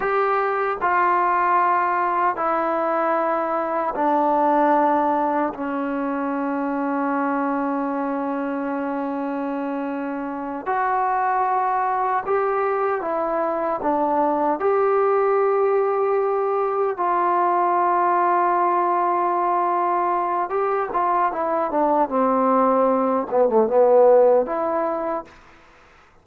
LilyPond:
\new Staff \with { instrumentName = "trombone" } { \time 4/4 \tempo 4 = 76 g'4 f'2 e'4~ | e'4 d'2 cis'4~ | cis'1~ | cis'4. fis'2 g'8~ |
g'8 e'4 d'4 g'4.~ | g'4. f'2~ f'8~ | f'2 g'8 f'8 e'8 d'8 | c'4. b16 a16 b4 e'4 | }